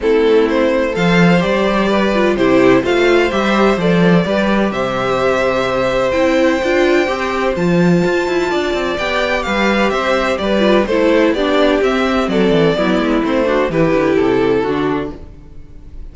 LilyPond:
<<
  \new Staff \with { instrumentName = "violin" } { \time 4/4 \tempo 4 = 127 a'4 c''4 f''4 d''4~ | d''4 c''4 f''4 e''4 | d''2 e''2~ | e''4 g''2. |
a''2. g''4 | f''4 e''4 d''4 c''4 | d''4 e''4 d''2 | c''4 b'4 a'2 | }
  \new Staff \with { instrumentName = "violin" } { \time 4/4 e'2 c''2 | b'4 g'4 c''2~ | c''4 b'4 c''2~ | c''1~ |
c''2 d''2 | b'4 c''4 b'4 a'4 | g'2 a'4 e'4~ | e'8 fis'8 g'2 fis'4 | }
  \new Staff \with { instrumentName = "viola" } { \time 4/4 c'2 a'4 g'4~ | g'8 f'8 e'4 f'4 g'4 | a'4 g'2.~ | g'4 e'4 f'4 g'4 |
f'2. g'4~ | g'2~ g'8 f'8 e'4 | d'4 c'2 b4 | c'8 d'8 e'2 d'4 | }
  \new Staff \with { instrumentName = "cello" } { \time 4/4 a2 f4 g4~ | g4 c4 a4 g4 | f4 g4 c2~ | c4 c'4 d'4 c'4 |
f4 f'8 e'8 d'8 c'8 b4 | g4 c'4 g4 a4 | b4 c'4 fis8 e8 fis8 gis8 | a4 e8 d8 c4 d4 | }
>>